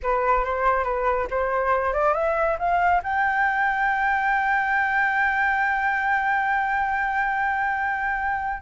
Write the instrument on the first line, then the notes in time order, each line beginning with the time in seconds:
flute
0.02 B4
0.44 C5
0.84 B4
1.30 C5
1.93 D5
2.13 E5
2.58 F5
3.03 G5